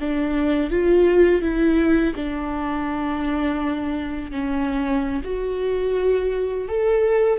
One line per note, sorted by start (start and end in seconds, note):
0.00 0.70 D4
0.70 1.42 F4
1.42 2.14 E4
2.16 4.31 D4
4.31 5.21 C#4
5.24 6.68 F#4
6.68 7.39 A4